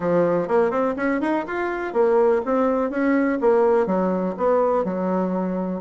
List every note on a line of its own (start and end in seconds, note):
0.00 0.48 F3
0.48 0.70 A#3
0.70 0.94 C4
0.96 1.20 C#4
1.21 1.45 D#4
1.46 1.93 F4
1.93 2.41 A#3
2.45 2.90 C4
2.90 3.38 C#4
3.40 3.86 A#3
3.86 4.35 F#3
4.37 4.84 B3
4.84 5.81 F#3